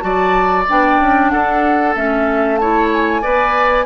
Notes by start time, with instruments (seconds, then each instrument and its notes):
0.00 bassoon F#3, clarinet F#4, oboe D5, flute A5
0.69 bassoon B3, clarinet D4, flute G5
1.00 bassoon C#4
1.30 bassoon D4, oboe A4, flute F#5
1.96 bassoon A3, clarinet C#4, flute E5
2.58 clarinet E4, oboe C#5, flute A5
2.93 flute G#5
3.22 bassoon B3, clarinet B4, oboe D5